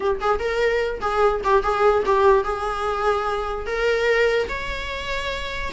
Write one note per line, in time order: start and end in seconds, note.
0.00 0.20 G4
0.20 0.39 G#4
0.39 1.00 A#4
1.00 1.41 G#4
1.44 1.63 G4
1.63 2.03 G#4
2.05 2.43 G4
2.43 3.66 G#4
3.66 4.47 A#4
4.49 5.71 C#5